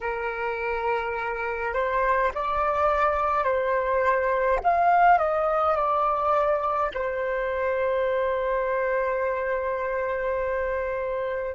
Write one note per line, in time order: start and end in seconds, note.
0.00 1.73 A#4
1.73 2.31 C5
2.34 3.44 D5
3.44 4.59 C5
4.63 5.18 F5
5.18 5.75 D#5
5.75 6.91 D5
6.93 11.55 C5